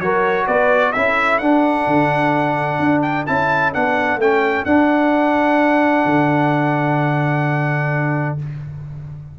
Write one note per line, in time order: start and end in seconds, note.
0.00 0.47 F#3
0.00 0.95 F#4
0.00 0.48 A#4
0.00 0.47 C#5
0.47 0.94 B3
0.47 0.94 B4
0.47 0.93 D5
0.93 1.41 C#4
0.93 1.42 E4
0.93 8.39 A4
0.93 1.39 E5
1.39 1.87 D4
1.39 3.27 D4
1.39 3.01 F#5
1.87 2.79 D3
2.79 3.26 D4
3.02 3.25 G5
3.27 3.76 C#4
3.27 3.74 E4
3.27 3.73 A5
3.74 4.18 B3
3.74 4.20 D4
3.74 4.20 F#5
4.18 4.64 A3
4.18 4.67 C#4
4.18 4.65 G5
4.65 6.05 D4
4.65 8.39 D4
4.65 8.37 F#5
6.05 8.38 D3